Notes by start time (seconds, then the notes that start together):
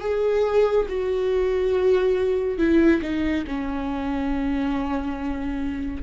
0.00 G#4
0.88 F#4
2.58 E4
3.02 D#4
3.47 C#4